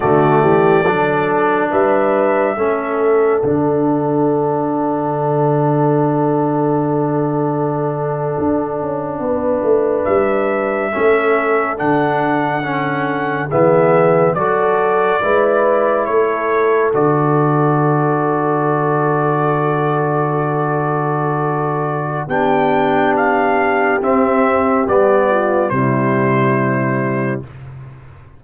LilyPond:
<<
  \new Staff \with { instrumentName = "trumpet" } { \time 4/4 \tempo 4 = 70 d''2 e''2 | fis''1~ | fis''2.~ fis''8. e''16~ | e''4.~ e''16 fis''2 e''16~ |
e''8. d''2 cis''4 d''16~ | d''1~ | d''2 g''4 f''4 | e''4 d''4 c''2 | }
  \new Staff \with { instrumentName = "horn" } { \time 4/4 fis'8 g'8 a'4 b'4 a'4~ | a'1~ | a'2~ a'8. b'4~ b'16~ | b'8. a'2. gis'16~ |
gis'8. a'4 b'4 a'4~ a'16~ | a'1~ | a'2 g'2~ | g'4. f'8 e'2 | }
  \new Staff \with { instrumentName = "trombone" } { \time 4/4 a4 d'2 cis'4 | d'1~ | d'1~ | d'8. cis'4 d'4 cis'4 b16~ |
b8. fis'4 e'2 fis'16~ | fis'1~ | fis'2 d'2 | c'4 b4 g2 | }
  \new Staff \with { instrumentName = "tuba" } { \time 4/4 d8 e8 fis4 g4 a4 | d1~ | d4.~ d16 d'8 cis'8 b8 a8 g16~ | g8. a4 d2 e16~ |
e8. fis4 gis4 a4 d16~ | d1~ | d2 b2 | c'4 g4 c2 | }
>>